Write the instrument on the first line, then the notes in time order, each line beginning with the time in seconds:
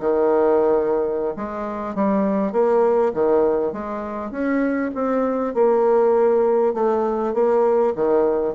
bassoon
0.00 D#3
1.37 G#3
1.95 G3
2.53 A#3
3.14 D#3
3.73 G#3
4.31 C#4
4.95 C4
5.55 A#3
6.74 A3
7.34 A#3
7.96 D#3